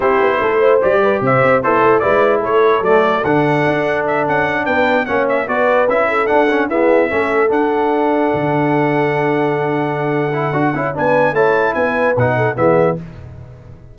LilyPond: <<
  \new Staff \with { instrumentName = "trumpet" } { \time 4/4 \tempo 4 = 148 c''2 d''4 e''4 | c''4 d''4 cis''4 d''4 | fis''2 e''8 fis''4 g''8~ | g''8 fis''8 e''8 d''4 e''4 fis''8~ |
fis''8 e''2 fis''4.~ | fis''1~ | fis''2. gis''4 | a''4 gis''4 fis''4 e''4 | }
  \new Staff \with { instrumentName = "horn" } { \time 4/4 g'4 a'8 c''4 b'8 c''4 | e'4 b'4 a'2~ | a'2.~ a'8 b'8~ | b'8 cis''4 b'4. a'4~ |
a'8 gis'4 a'2~ a'8~ | a'1~ | a'2. b'4 | cis''4 b'4. a'8 gis'4 | }
  \new Staff \with { instrumentName = "trombone" } { \time 4/4 e'2 g'2 | a'4 e'2 a4 | d'1~ | d'8 cis'4 fis'4 e'4 d'8 |
cis'8 b4 cis'4 d'4.~ | d'1~ | d'4. e'8 fis'8 e'8 d'4 | e'2 dis'4 b4 | }
  \new Staff \with { instrumentName = "tuba" } { \time 4/4 c'8 b8 a4 g4 c8 c'8 | b8 a8 gis4 a4 fis4 | d4 d'4. cis'4 b8~ | b8 ais4 b4 cis'4 d'8~ |
d'8 e'4 a4 d'4.~ | d'8 d2.~ d8~ | d2 d'8 cis'8 b4 | a4 b4 b,4 e4 | }
>>